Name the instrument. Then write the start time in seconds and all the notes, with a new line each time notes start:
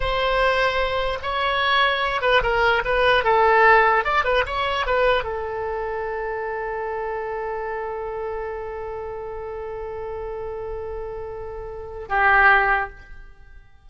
oboe
0.00 C5
1.22 C#5
2.21 B4
2.42 A#4
2.84 B4
3.23 A4
4.04 D5
4.24 B4
4.46 C#5
4.86 B4
5.23 A4
12.08 G4